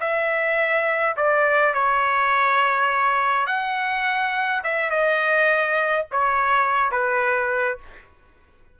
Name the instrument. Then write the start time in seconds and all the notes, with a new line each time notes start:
trumpet
0.00 E5
1.16 D5
1.74 C#5
3.46 F#5
4.64 E5
4.90 D#5
6.11 C#5
6.91 B4